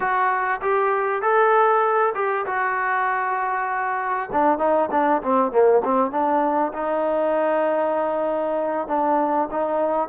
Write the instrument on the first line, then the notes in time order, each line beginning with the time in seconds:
trombone
0.00 F#4
0.61 G4
1.21 A4
2.14 G4
2.45 F#4
4.32 D4
4.58 D#4
4.91 D4
5.22 C4
5.51 A#3
5.84 C4
6.11 D4
6.73 D#4
8.87 D4
9.51 D#4